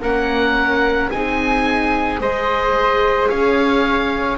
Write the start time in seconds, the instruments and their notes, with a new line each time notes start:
0.00 double bass A#3, viola C#4, flute A#4, oboe F#5
1.10 double bass C4, viola D#4, flute G#4, oboe G#5
2.18 double bass G#3, viola G#4, flute C5, oboe D#5
3.28 double bass C#4, flute C#5, oboe F5